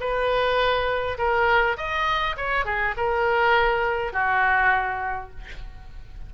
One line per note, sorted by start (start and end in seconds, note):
0.00 1.18 B4
1.18 1.77 A#4
1.77 2.36 D#5
2.37 2.65 C#5
2.65 2.95 G#4
2.97 4.13 A#4
4.13 5.30 F#4